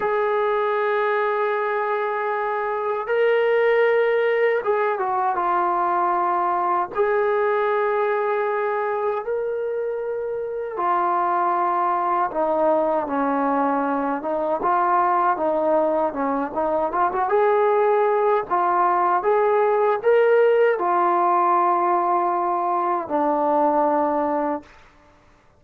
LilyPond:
\new Staff \with { instrumentName = "trombone" } { \time 4/4 \tempo 4 = 78 gis'1 | ais'2 gis'8 fis'8 f'4~ | f'4 gis'2. | ais'2 f'2 |
dis'4 cis'4. dis'8 f'4 | dis'4 cis'8 dis'8 f'16 fis'16 gis'4. | f'4 gis'4 ais'4 f'4~ | f'2 d'2 | }